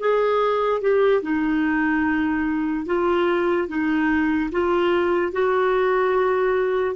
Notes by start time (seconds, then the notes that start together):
0.00 G#4
0.81 G4
1.22 D#4
2.86 F4
3.68 D#4
4.52 F4
5.32 F#4